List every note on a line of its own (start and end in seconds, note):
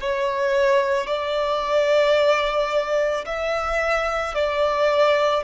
0.00 1.07 C#5
1.07 3.25 D5
3.25 4.34 E5
4.34 5.43 D5